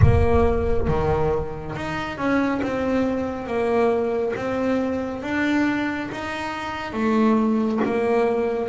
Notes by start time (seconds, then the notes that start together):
0.02 A#3
0.87 D#3
1.75 D#4
2.17 C#4
2.62 C4
3.46 A#3
4.36 C4
5.22 D4
6.11 D#4
6.92 A3
7.84 A#3